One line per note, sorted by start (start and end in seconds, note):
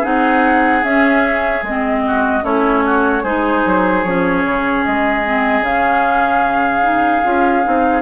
0.00 0.83 C4
0.00 0.83 D#4
0.00 2.00 G#4
0.00 0.84 F#5
0.83 1.63 C#4
0.83 1.64 C#4
0.83 1.64 E5
1.63 2.43 G#3
1.63 2.43 C4
1.63 2.45 D#5
2.07 2.44 F#4
2.43 3.24 A3
2.43 3.23 C#4
2.43 2.83 E4
2.43 3.25 C#5
2.86 3.23 F#4
3.23 3.64 G#3
3.23 4.06 D#4
3.23 8.02 G#4
3.23 4.04 C5
3.66 4.04 F#3
4.04 4.44 F3
4.04 5.26 C#4
4.04 4.84 C#5
4.45 4.85 C#3
4.85 5.61 G#3
4.85 5.65 D#5
5.26 5.64 C4
5.61 7.21 C#3
5.61 6.83 C#4
5.61 8.02 F5
6.83 7.23 D#4
7.24 7.66 C#4
7.24 7.64 F4
7.64 8.02 C4
7.64 8.02 D#4